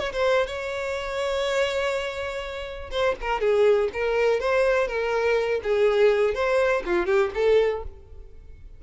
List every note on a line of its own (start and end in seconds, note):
0.00 0.12 C#5
0.12 0.47 C5
0.47 2.90 C#5
2.91 3.15 C5
3.21 3.41 A#4
3.41 3.89 G#4
3.93 4.40 A#4
4.40 4.88 C5
4.88 5.61 A#4
5.63 6.34 G#4
6.34 6.83 C5
6.86 7.06 F4
7.06 7.31 G4
7.35 7.84 A4